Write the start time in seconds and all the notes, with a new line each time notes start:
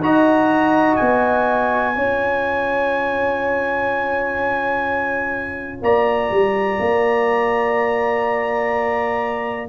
0.00 D#4 F#4 D#5 A#5
0.96 B3 G#5
1.95 C#4 F4 C#5
5.82 A#3 D5 A#5
6.30 G3
6.80 A#3